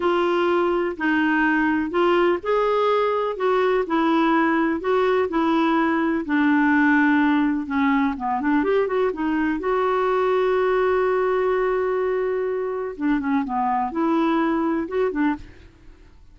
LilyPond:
\new Staff \with { instrumentName = "clarinet" } { \time 4/4 \tempo 4 = 125 f'2 dis'2 | f'4 gis'2 fis'4 | e'2 fis'4 e'4~ | e'4 d'2. |
cis'4 b8 d'8 g'8 fis'8 dis'4 | fis'1~ | fis'2. d'8 cis'8 | b4 e'2 fis'8 d'8 | }